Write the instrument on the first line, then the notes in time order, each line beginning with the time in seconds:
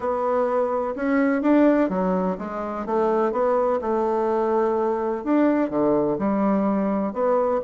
bassoon
0.00 B3
0.95 C#4
1.42 D4
1.89 F#3
2.38 G#3
2.85 A3
3.31 B3
3.81 A3
5.24 D4
5.70 D3
6.18 G3
7.13 B3